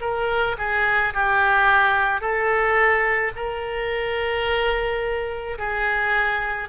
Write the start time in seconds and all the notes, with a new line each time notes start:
0.00 A#4
0.58 G#4
1.13 G4
2.20 A4
3.35 A#4
5.58 G#4